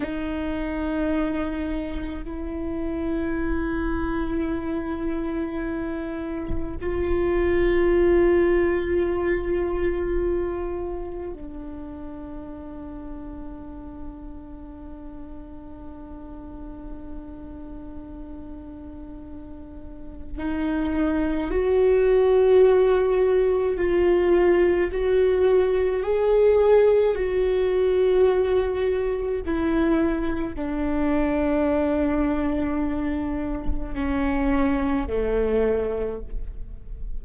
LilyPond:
\new Staff \with { instrumentName = "viola" } { \time 4/4 \tempo 4 = 53 dis'2 e'2~ | e'2 f'2~ | f'2 d'2~ | d'1~ |
d'2 dis'4 fis'4~ | fis'4 f'4 fis'4 gis'4 | fis'2 e'4 d'4~ | d'2 cis'4 a4 | }